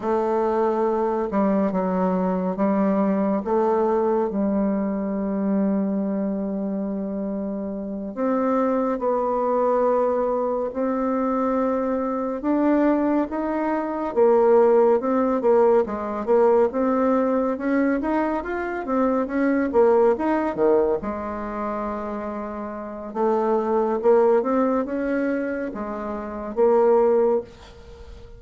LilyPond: \new Staff \with { instrumentName = "bassoon" } { \time 4/4 \tempo 4 = 70 a4. g8 fis4 g4 | a4 g2.~ | g4. c'4 b4.~ | b8 c'2 d'4 dis'8~ |
dis'8 ais4 c'8 ais8 gis8 ais8 c'8~ | c'8 cis'8 dis'8 f'8 c'8 cis'8 ais8 dis'8 | dis8 gis2~ gis8 a4 | ais8 c'8 cis'4 gis4 ais4 | }